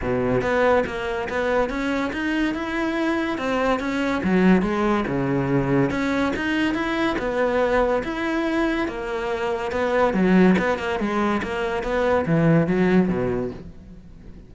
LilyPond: \new Staff \with { instrumentName = "cello" } { \time 4/4 \tempo 4 = 142 b,4 b4 ais4 b4 | cis'4 dis'4 e'2 | c'4 cis'4 fis4 gis4 | cis2 cis'4 dis'4 |
e'4 b2 e'4~ | e'4 ais2 b4 | fis4 b8 ais8 gis4 ais4 | b4 e4 fis4 b,4 | }